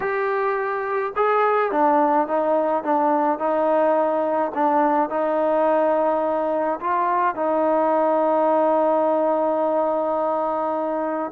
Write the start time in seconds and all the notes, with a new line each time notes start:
0.00 G4
1.16 G#4
1.71 D4
2.27 D#4
2.83 D4
3.38 D#4
4.54 D4
5.09 D#4
6.80 F4
7.35 D#4